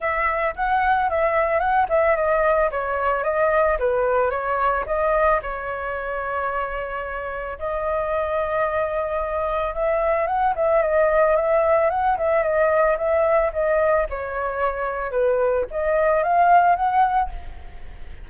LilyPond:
\new Staff \with { instrumentName = "flute" } { \time 4/4 \tempo 4 = 111 e''4 fis''4 e''4 fis''8 e''8 | dis''4 cis''4 dis''4 b'4 | cis''4 dis''4 cis''2~ | cis''2 dis''2~ |
dis''2 e''4 fis''8 e''8 | dis''4 e''4 fis''8 e''8 dis''4 | e''4 dis''4 cis''2 | b'4 dis''4 f''4 fis''4 | }